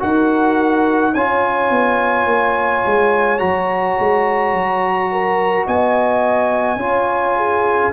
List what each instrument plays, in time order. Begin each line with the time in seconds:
0.00 tuba D#4, trombone F#4, horn A#4, trumpet F#5
1.14 tuba C#4, trombone F4, horn C#5, trumpet G#5
1.71 tuba B3
2.26 tuba A#3
2.86 tuba G#3
3.39 tuba F#3, trombone F#4, trumpet A#5
4.00 tuba G#3
4.54 tuba F#3
5.12 horn A#4
5.67 tuba B3, horn D#5, trumpet G#5
6.77 tuba C#4, trombone F4, horn C#5
7.37 horn G#4